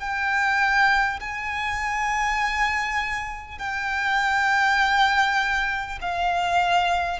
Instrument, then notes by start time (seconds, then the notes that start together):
violin
0.00 G5
1.21 G#5
3.59 G5
6.02 F5